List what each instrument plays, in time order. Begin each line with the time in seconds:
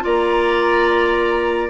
0.00 bassoon A#3, clarinet F4, oboe D5, flute A#5